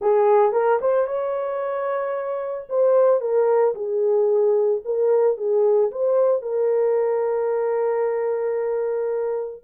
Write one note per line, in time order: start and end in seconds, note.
0.01 0.52 G#4
0.52 0.79 A#4
0.81 1.06 C5
1.06 2.67 C#5
2.69 3.20 C5
3.20 3.74 A#4
3.74 4.81 G#4
4.84 5.37 A#4
5.37 5.91 G#4
5.91 6.42 C5
6.42 9.63 A#4